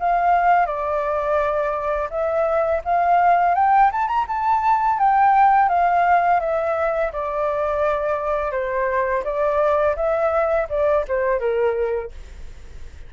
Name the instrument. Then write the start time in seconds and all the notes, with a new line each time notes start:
flute
0.00 F5
0.67 D5
2.11 E5
2.85 F5
3.56 G5
3.93 A5
4.08 A#5
4.28 A5
4.99 G5
5.69 F5
6.41 E5
7.13 D5
8.52 C5
9.25 D5
9.96 E5
10.70 D5
11.08 C5
11.40 A#4